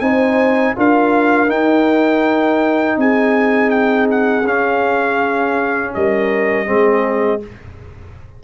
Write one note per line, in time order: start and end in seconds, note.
0.00 0.74 C4
0.00 0.75 D#4
0.00 0.75 C5
0.00 0.74 G#5
0.76 1.50 D4
0.76 1.47 F4
0.76 2.99 A#4
0.76 1.50 F5
1.47 4.43 D#4
1.47 2.97 D#4
1.47 2.98 G5
2.97 4.44 C4
2.97 5.95 G#4
2.97 3.70 G#5
3.70 4.07 G5
4.10 4.47 F#5
4.44 5.92 C#4
4.44 6.66 C#4
4.44 5.94 F5
5.94 6.69 G3
5.94 6.67 A#4
5.94 7.42 D#5
6.66 7.43 G#3
6.66 7.40 C4
6.66 7.41 G#4